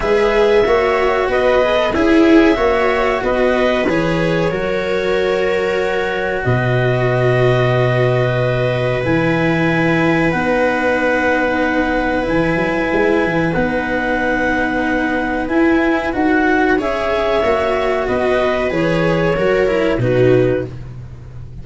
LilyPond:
<<
  \new Staff \with { instrumentName = "clarinet" } { \time 4/4 \tempo 4 = 93 e''2 dis''4 e''4~ | e''4 dis''4 cis''2~ | cis''2 dis''2~ | dis''2 gis''2 |
fis''2. gis''4~ | gis''4 fis''2. | gis''4 fis''4 e''2 | dis''4 cis''2 b'4 | }
  \new Staff \with { instrumentName = "viola" } { \time 4/4 b'4 cis''4 b'4 e'4 | cis''4 b'2 ais'4~ | ais'2 b'2~ | b'1~ |
b'1~ | b'1~ | b'2 cis''2 | b'2 ais'4 fis'4 | }
  \new Staff \with { instrumentName = "cello" } { \time 4/4 gis'4 fis'4. gis'16 a'16 gis'4 | fis'2 gis'4 fis'4~ | fis'1~ | fis'2 e'2 |
dis'2. e'4~ | e'4 dis'2. | e'4 fis'4 gis'4 fis'4~ | fis'4 gis'4 fis'8 e'8 dis'4 | }
  \new Staff \with { instrumentName = "tuba" } { \time 4/4 gis4 ais4 b4 cis'4 | ais4 b4 e4 fis4~ | fis2 b,2~ | b,2 e2 |
b2. e8 fis8 | gis8 e8 b2. | e'4 dis'4 cis'4 ais4 | b4 e4 fis4 b,4 | }
>>